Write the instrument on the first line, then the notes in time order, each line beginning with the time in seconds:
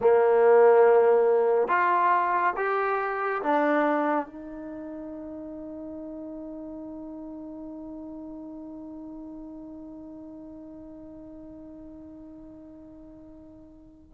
trombone
0.00 A#3
1.68 F4
2.56 G4
3.42 D4
4.26 D#4